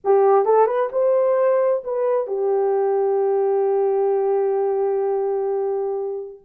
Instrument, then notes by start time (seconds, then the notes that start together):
horn
0.04 G4
0.45 A4
0.66 B4
0.92 C5
1.83 B4
2.27 G4